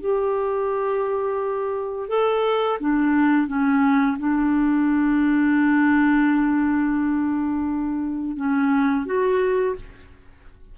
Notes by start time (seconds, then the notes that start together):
0.00 G4
2.09 A4
2.80 D4
3.47 C#4
4.18 D4
8.36 C#4
9.05 F#4